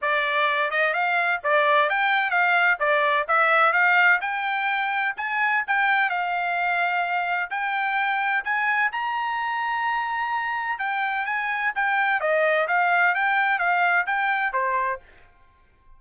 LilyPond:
\new Staff \with { instrumentName = "trumpet" } { \time 4/4 \tempo 4 = 128 d''4. dis''8 f''4 d''4 | g''4 f''4 d''4 e''4 | f''4 g''2 gis''4 | g''4 f''2. |
g''2 gis''4 ais''4~ | ais''2. g''4 | gis''4 g''4 dis''4 f''4 | g''4 f''4 g''4 c''4 | }